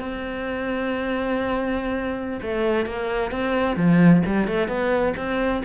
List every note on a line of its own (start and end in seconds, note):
0.00 2.40 C4
2.42 2.86 A3
2.86 3.31 A#3
3.31 3.77 C4
3.77 4.23 F3
4.26 4.48 G3
4.48 4.68 A3
4.68 5.14 B3
5.17 5.63 C4